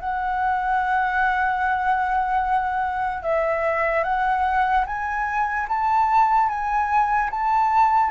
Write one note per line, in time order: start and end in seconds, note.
0.00 3.22 F#5
3.22 4.04 E5
4.04 4.85 F#5
4.86 5.67 G#5
5.68 6.49 A5
6.49 7.30 G#5
7.30 8.10 A5